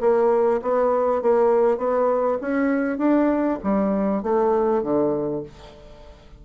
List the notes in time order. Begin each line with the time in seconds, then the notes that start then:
0.00 A#3
0.62 B3
1.21 A#3
1.77 B3
2.41 C#4
2.98 D4
3.63 G3
4.23 A3
4.82 D3